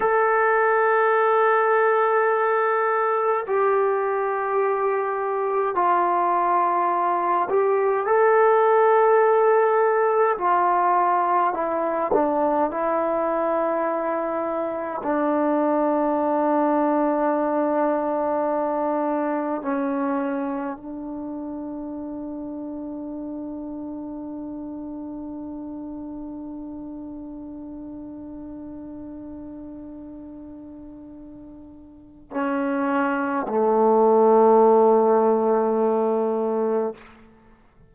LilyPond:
\new Staff \with { instrumentName = "trombone" } { \time 4/4 \tempo 4 = 52 a'2. g'4~ | g'4 f'4. g'8 a'4~ | a'4 f'4 e'8 d'8 e'4~ | e'4 d'2.~ |
d'4 cis'4 d'2~ | d'1~ | d'1 | cis'4 a2. | }